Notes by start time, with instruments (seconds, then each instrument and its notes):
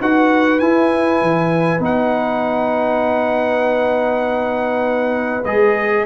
0.00 tuba D#4, trombone F#4, horn B4, trumpet F#5
0.59 tuba E4, trombone E4, trumpet G#5
1.21 tuba E3
1.79 tuba B3, trombone D#4, trumpet F#5
5.44 tuba G#3, trombone G#4, trumpet D#5